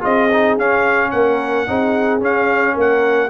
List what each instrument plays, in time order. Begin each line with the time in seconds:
0.00 tuba C4, trombone F4, horn G#4, trumpet D#5
0.33 trombone D#4
0.58 tuba C#4, trombone C#4, trumpet F5
1.11 tuba A#3, horn A#4, trumpet F#5
1.67 tuba C4, trombone D#4, horn G#4
2.21 trombone C#4, tuba C#4, trumpet F5
2.74 tuba A#3, horn A#4
2.81 trumpet F#5